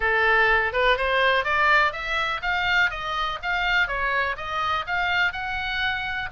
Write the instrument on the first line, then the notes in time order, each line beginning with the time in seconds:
oboe
0.00 A4
0.73 B4
0.97 C5
1.44 D5
1.92 E5
2.41 F5
2.90 D#5
3.42 F5
3.87 C#5
4.37 D#5
4.86 F5
5.32 F#5